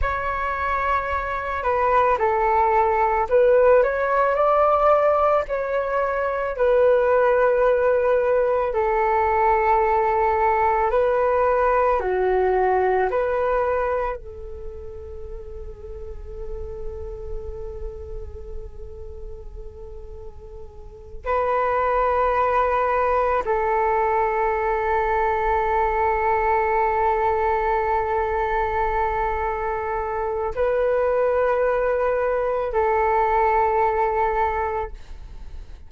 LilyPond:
\new Staff \with { instrumentName = "flute" } { \time 4/4 \tempo 4 = 55 cis''4. b'8 a'4 b'8 cis''8 | d''4 cis''4 b'2 | a'2 b'4 fis'4 | b'4 a'2.~ |
a'2.~ a'8 b'8~ | b'4. a'2~ a'8~ | a'1 | b'2 a'2 | }